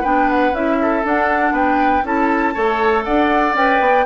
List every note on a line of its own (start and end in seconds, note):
0.00 0.52 B3
0.00 0.53 D4
0.00 0.76 B4
0.00 0.29 G5
0.29 0.54 F#5
0.52 1.03 C#4
0.52 1.03 E4
0.52 1.05 E5
0.81 1.53 A4
1.03 2.04 D4
1.03 1.51 D4
1.03 1.55 F#5
1.51 2.02 B3
1.51 2.03 B4
1.51 2.05 G5
2.04 2.54 C#4
2.04 2.54 E4
2.04 2.53 A4
2.04 3.03 A5
2.53 3.06 A3
2.53 3.55 A4
2.53 3.04 C#5
3.03 3.53 D4
3.03 4.05 D5
3.03 3.54 F#5
3.53 3.79 C#4
3.53 4.06 B4
3.53 4.06 G5
3.80 4.05 B3